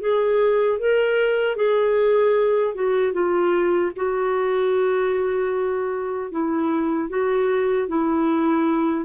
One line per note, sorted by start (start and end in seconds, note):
0.00 0.79 G#4
0.79 1.56 A#4
1.56 2.74 G#4
2.74 3.13 F#4
3.13 3.92 F4
3.96 6.31 F#4
6.31 7.09 E4
7.09 7.88 F#4
7.88 9.05 E4